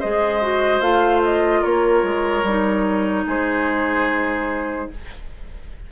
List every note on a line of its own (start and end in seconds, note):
0.00 0.81 G#3
0.00 0.42 G#4
0.00 1.61 C5
0.00 0.81 D#5
0.42 0.82 F#4
0.81 1.62 A3
0.81 2.44 F4
0.81 1.22 F5
1.24 1.64 D#5
1.61 2.04 A#3
1.61 3.24 A#4
1.61 3.26 C#5
2.04 2.44 G#3
2.44 3.25 G3
2.44 4.92 D#4
3.27 4.89 G#3
3.27 4.89 G#4
3.27 4.92 C5